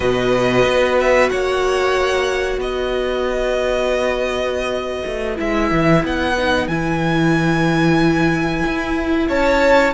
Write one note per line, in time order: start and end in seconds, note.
0.00 0.65 B2
0.00 5.35 F#4
0.00 1.30 B4
0.00 0.97 D#5
0.65 1.30 B3
1.00 1.29 E5
1.29 2.57 A#3
1.29 2.59 C#5
1.29 2.59 F#5
2.57 5.02 B3
2.57 9.27 B4
2.57 5.38 D#5
5.06 5.38 A3
5.35 5.71 G#3
5.35 6.33 E4
5.35 6.05 E5
5.71 6.03 E3
6.03 6.67 B3
6.03 6.67 F#5
6.37 6.69 D#4
6.67 8.63 E3
6.67 9.93 E4
6.67 9.28 G#5
8.66 9.28 E4
9.28 9.93 C#4
9.28 9.93 C#5
9.28 9.93 A5